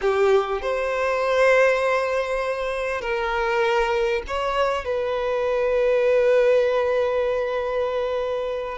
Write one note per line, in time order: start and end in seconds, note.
0.01 0.61 G4
0.61 3.01 C5
3.01 4.22 A#4
4.27 4.84 C#5
4.84 8.78 B4